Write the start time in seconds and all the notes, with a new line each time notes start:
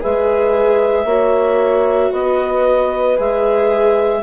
0.00 G#3 G#4 B4 E5
1.04 A#3 F#4 C#5
2.12 B3 B4 D#5
3.16 G#3 G#4 E5